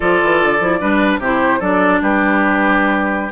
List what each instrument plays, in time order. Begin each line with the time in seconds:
0.00 bassoon F3, clarinet F4, oboe A4, flute D5
0.23 bassoon E3
0.42 bassoon D3
0.60 bassoon F3, clarinet E4
0.80 bassoon G3, clarinet D4, oboe B4
1.19 bassoon C3, clarinet E4, oboe G4, flute C5
1.59 bassoon F#3, clarinet D4, oboe A4, flute D5
2.01 bassoon G3, oboe G4, flute B4